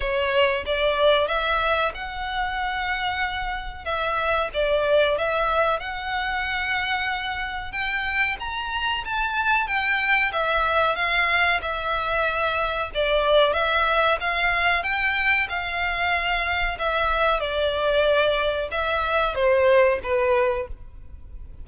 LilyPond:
\new Staff \with { instrumentName = "violin" } { \time 4/4 \tempo 4 = 93 cis''4 d''4 e''4 fis''4~ | fis''2 e''4 d''4 | e''4 fis''2. | g''4 ais''4 a''4 g''4 |
e''4 f''4 e''2 | d''4 e''4 f''4 g''4 | f''2 e''4 d''4~ | d''4 e''4 c''4 b'4 | }